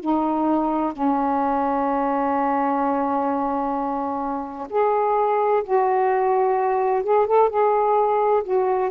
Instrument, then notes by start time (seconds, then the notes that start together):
saxophone
0.00 D#4
0.92 C#4
4.69 G#4
5.63 F#4
7.03 G#4
7.26 A4
7.49 G#4
8.43 F#4